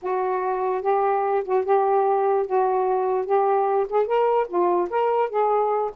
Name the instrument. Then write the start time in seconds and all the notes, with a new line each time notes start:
saxophone
0.02 F#4
0.81 G4
1.44 F#4
1.64 G4
2.46 F#4
3.25 G4
3.89 G#4
4.06 A#4
4.47 F4
4.89 A#4
5.29 G#4